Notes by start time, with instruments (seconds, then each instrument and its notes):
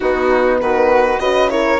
0.00 bassoon B3, horn B3, flute D#4, violin F#4
0.60 bassoon D#3, flute F#4, violin B4
1.19 bassoon C#3, horn F#4, flute B4, violin D#5
1.49 horn E4, flute A#4, violin C#5